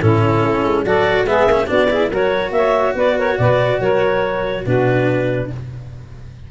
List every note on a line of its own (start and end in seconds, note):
0.00 0.42 A2
0.00 0.85 C#4
0.00 0.84 E4
0.00 0.85 A4
0.42 0.63 A3
0.63 0.84 G#3
0.84 1.24 F#3
0.84 1.27 F#4
0.84 1.26 A4
0.84 1.26 D5
1.24 1.45 G#3
1.24 1.48 B3
1.24 1.68 G#4
1.24 1.68 E5
1.46 1.67 A#3
1.46 1.66 C#4
1.66 2.10 B3
1.66 1.88 D4
1.66 1.89 F#4
1.66 2.11 D5
1.90 2.11 E4
1.90 2.09 G#4
2.09 2.50 F#3
2.09 4.66 F#4
2.09 2.51 A#4
2.09 2.51 C#5
2.50 2.93 A#3
2.50 2.95 C#5
2.50 2.94 E5
2.95 3.37 B3
2.95 3.16 B4
2.95 3.19 D5
3.18 3.39 A#4
3.18 3.38 C#5
3.38 3.80 B2
3.38 3.80 B4
3.38 3.80 D5
3.80 4.64 F#3
3.80 4.64 A#4
3.80 4.64 C#5
4.64 5.50 B2
4.64 5.50 D4
4.64 5.49 F#4
4.64 5.50 B4